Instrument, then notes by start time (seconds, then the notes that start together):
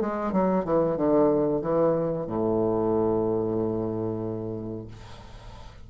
bassoon
0.00 G#3
0.32 F#3
0.64 E3
0.96 D3
1.61 E3
2.26 A2